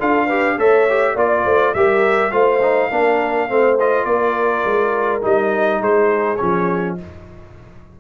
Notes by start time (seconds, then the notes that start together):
0.00 D4 F4 A4 F5
0.26 G4 B4
0.58 A3 A4 C#5 E5
0.89 G4
1.14 A#3 F4 D5
1.45 A3 C5
1.74 G3 G4 A#4 E5
2.32 A3 F4 C5 F5
2.62 D#4
2.91 A#3 D4 A#4
3.49 A3 C4 C5
3.80 F4 D#5
4.05 A#3 A#4 D5
4.65 G#3
5.22 G3 D#4 D#5
5.81 G#3 G#4 C5
6.37 F3 C#4 C#5